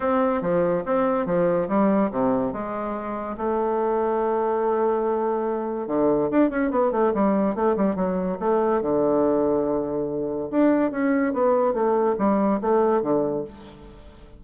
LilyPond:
\new Staff \with { instrumentName = "bassoon" } { \time 4/4 \tempo 4 = 143 c'4 f4 c'4 f4 | g4 c4 gis2 | a1~ | a2 d4 d'8 cis'8 |
b8 a8 g4 a8 g8 fis4 | a4 d2.~ | d4 d'4 cis'4 b4 | a4 g4 a4 d4 | }